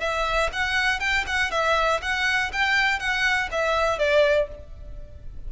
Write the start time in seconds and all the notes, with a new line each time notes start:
0.00 E5
0.52 F#5
1.00 G5
1.26 F#5
1.51 E5
2.02 F#5
2.52 G5
2.99 F#5
3.51 E5
3.98 D5